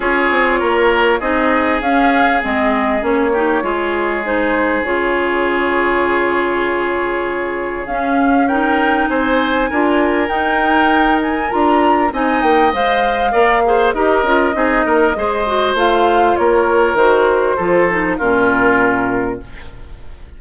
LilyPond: <<
  \new Staff \with { instrumentName = "flute" } { \time 4/4 \tempo 4 = 99 cis''2 dis''4 f''4 | dis''4 cis''2 c''4 | cis''1~ | cis''4 f''4 g''4 gis''4~ |
gis''4 g''4. gis''8 ais''4 | gis''8 g''8 f''2 dis''4~ | dis''2 f''4 cis''4 | c''2 ais'2 | }
  \new Staff \with { instrumentName = "oboe" } { \time 4/4 gis'4 ais'4 gis'2~ | gis'4. g'8 gis'2~ | gis'1~ | gis'2 ais'4 c''4 |
ais'1 | dis''2 d''8 c''8 ais'4 | gis'8 ais'8 c''2 ais'4~ | ais'4 a'4 f'2 | }
  \new Staff \with { instrumentName = "clarinet" } { \time 4/4 f'2 dis'4 cis'4 | c'4 cis'8 dis'8 f'4 dis'4 | f'1~ | f'4 cis'4 dis'2 |
f'4 dis'2 f'4 | dis'4 c''4 ais'8 gis'8 g'8 f'8 | dis'4 gis'8 fis'8 f'2 | fis'4 f'8 dis'8 cis'2 | }
  \new Staff \with { instrumentName = "bassoon" } { \time 4/4 cis'8 c'8 ais4 c'4 cis'4 | gis4 ais4 gis2 | cis1~ | cis4 cis'2 c'4 |
d'4 dis'2 d'4 | c'8 ais8 gis4 ais4 dis'8 cis'8 | c'8 ais8 gis4 a4 ais4 | dis4 f4 ais,2 | }
>>